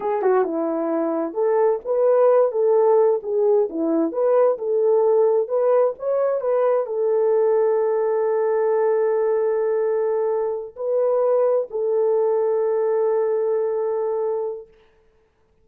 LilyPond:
\new Staff \with { instrumentName = "horn" } { \time 4/4 \tempo 4 = 131 gis'8 fis'8 e'2 a'4 | b'4. a'4. gis'4 | e'4 b'4 a'2 | b'4 cis''4 b'4 a'4~ |
a'1~ | a'2.~ a'8 b'8~ | b'4. a'2~ a'8~ | a'1 | }